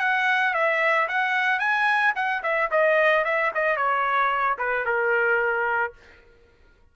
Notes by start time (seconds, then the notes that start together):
0.00 F#5
0.54 E5
1.09 F#5
1.60 G#5
2.16 F#5
2.43 E5
2.71 D#5
3.25 E5
3.55 D#5
3.77 C#5
4.59 B4
4.86 A#4